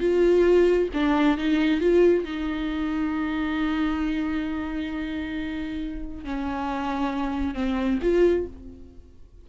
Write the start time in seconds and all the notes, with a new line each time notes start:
0.00 F4
0.94 D4
1.38 D#4
1.80 F4
2.24 D#4
6.24 C#4
7.55 C4
8.02 F4